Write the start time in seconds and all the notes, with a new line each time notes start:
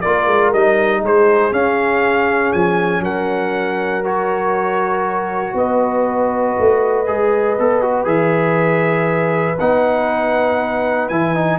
0.00 A#3 F4 A#4 D5
0.26 G#3
0.52 G3 D#4 D#5
1.01 G#3 G#4 C5
1.51 C#4 F5
2.52 F3 G#5
3.00 F#3 A#4 F#5
4.03 F#4 C#5
5.54 B3 B4 D#5
6.59 A3
7.06 G#3 G#4
7.58 B3 A4
7.81 F#4
8.04 E3 G#4 E5
9.59 B3 D#4 F#5
11.08 E3 E4 G#5
11.34 D#4